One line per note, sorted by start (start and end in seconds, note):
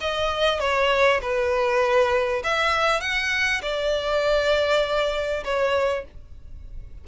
0.00 0.60 D#5
0.60 1.20 C#5
1.21 2.42 B4
2.44 3.00 E5
3.00 3.61 F#5
3.61 5.43 D5
5.44 6.04 C#5